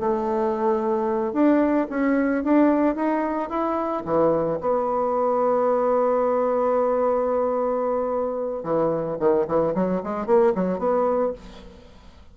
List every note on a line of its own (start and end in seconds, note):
0.00 1.33 A3
1.33 1.87 D4
1.90 2.44 C#4
2.44 2.96 D4
2.96 3.50 D#4
3.50 4.04 E4
4.05 4.59 E3
4.61 8.64 B3
8.64 9.18 E3
9.19 9.46 D#3
9.48 9.75 E3
9.75 10.02 F#3
10.03 10.26 G#3
10.26 10.53 A#3
10.56 10.79 F#3
10.79 11.33 B3